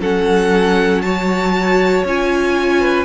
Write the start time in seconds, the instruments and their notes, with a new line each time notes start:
0.00 cello F#3, viola C#4, violin A4 F#5
1.01 viola F#4, violin C#5 A5
2.04 cello C#4, viola F4, violin G#5
2.80 violin B4